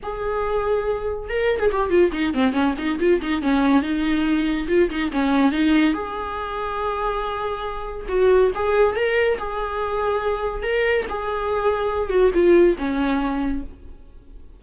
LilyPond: \new Staff \with { instrumentName = "viola" } { \time 4/4 \tempo 4 = 141 gis'2. ais'8. gis'16 | g'8 f'8 dis'8 c'8 cis'8 dis'8 f'8 dis'8 | cis'4 dis'2 f'8 dis'8 | cis'4 dis'4 gis'2~ |
gis'2. fis'4 | gis'4 ais'4 gis'2~ | gis'4 ais'4 gis'2~ | gis'8 fis'8 f'4 cis'2 | }